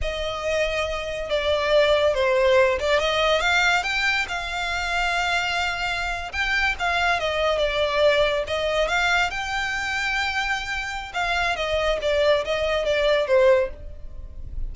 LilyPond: \new Staff \with { instrumentName = "violin" } { \time 4/4 \tempo 4 = 140 dis''2. d''4~ | d''4 c''4. d''8 dis''4 | f''4 g''4 f''2~ | f''2~ f''8. g''4 f''16~ |
f''8. dis''4 d''2 dis''16~ | dis''8. f''4 g''2~ g''16~ | g''2 f''4 dis''4 | d''4 dis''4 d''4 c''4 | }